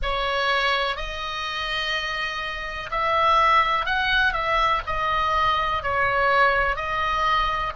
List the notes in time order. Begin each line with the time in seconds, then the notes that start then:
0.02 C#5
0.96 D#5
2.90 E5
3.85 F#5
4.33 E5
4.86 D#5
5.82 C#5
6.76 D#5